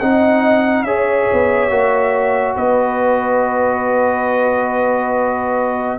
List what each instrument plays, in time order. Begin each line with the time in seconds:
0.00 tuba C4, trombone D#4, horn D#5, trumpet F#5
0.83 tuba C#4, trombone G#4, horn C#5, trumpet E5
1.33 tuba B3
1.70 tuba A#3, trombone F#4
2.56 tuba B3, horn B4, trumpet D#5